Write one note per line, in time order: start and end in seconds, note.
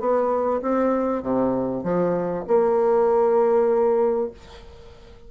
0.00 0.61 B3
0.62 1.22 C4
1.22 1.84 C3
1.84 2.45 F3
2.47 4.31 A#3